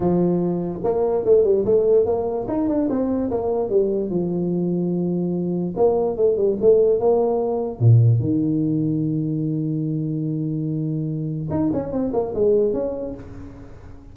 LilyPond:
\new Staff \with { instrumentName = "tuba" } { \time 4/4 \tempo 4 = 146 f2 ais4 a8 g8 | a4 ais4 dis'8 d'8 c'4 | ais4 g4 f2~ | f2 ais4 a8 g8 |
a4 ais2 ais,4 | dis1~ | dis1 | dis'8 cis'8 c'8 ais8 gis4 cis'4 | }